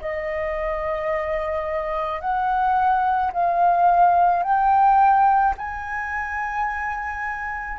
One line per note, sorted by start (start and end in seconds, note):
0.00 2.20 D#5
2.20 3.31 F#5
3.32 4.43 F5
4.43 5.54 G5
5.57 7.78 G#5